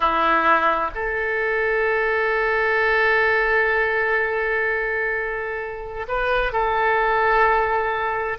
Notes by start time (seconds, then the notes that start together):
0.00 E4
0.95 A4
6.07 B4
6.52 A4